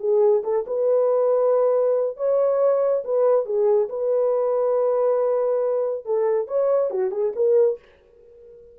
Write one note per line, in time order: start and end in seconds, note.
0.00 0.43 G#4
0.44 0.66 A4
0.67 2.17 B4
2.17 3.04 C#5
3.05 3.46 B4
3.46 3.89 G#4
3.90 6.05 B4
6.05 6.48 A4
6.48 6.91 C#5
6.91 7.12 F#4
7.12 7.33 G#4
7.36 7.79 A#4